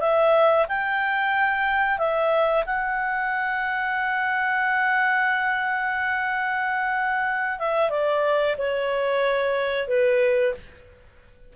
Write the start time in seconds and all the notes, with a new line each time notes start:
0.00 E5
0.68 G5
1.98 E5
2.66 F#5
7.59 E5
7.90 D5
8.57 C#5
9.88 B4